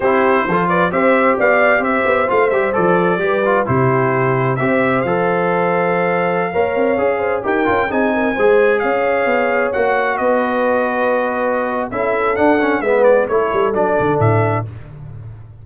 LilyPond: <<
  \new Staff \with { instrumentName = "trumpet" } { \time 4/4 \tempo 4 = 131 c''4. d''8 e''4 f''4 | e''4 f''8 e''8 d''2 | c''2 e''4 f''4~ | f''1~ |
f''16 g''4 gis''2 f''8.~ | f''4~ f''16 fis''4 dis''4.~ dis''16~ | dis''2 e''4 fis''4 | e''8 d''8 cis''4 d''4 e''4 | }
  \new Staff \with { instrumentName = "horn" } { \time 4/4 g'4 a'8 b'8 c''4 d''4 | c''2. b'4 | g'2 c''2~ | c''2~ c''16 cis''4. c''16~ |
c''16 ais'4 gis'8 ais'8 c''4 cis''8.~ | cis''2~ cis''16 b'4.~ b'16~ | b'2 a'2 | b'4 a'2. | }
  \new Staff \with { instrumentName = "trombone" } { \time 4/4 e'4 f'4 g'2~ | g'4 f'8 g'8 a'4 g'8 f'8 | e'2 g'4 a'4~ | a'2~ a'16 ais'4 gis'8.~ |
gis'16 g'8 f'8 dis'4 gis'4.~ gis'16~ | gis'4~ gis'16 fis'2~ fis'8.~ | fis'2 e'4 d'8 cis'8 | b4 e'4 d'2 | }
  \new Staff \with { instrumentName = "tuba" } { \time 4/4 c'4 f4 c'4 b4 | c'8 b8 a8 g8 f4 g4 | c2 c'4 f4~ | f2~ f16 ais8 c'8 cis'8.~ |
cis'16 dis'8 cis'8 c'4 gis4 cis'8.~ | cis'16 b4 ais4 b4.~ b16~ | b2 cis'4 d'4 | gis4 a8 g8 fis8 d8 a,4 | }
>>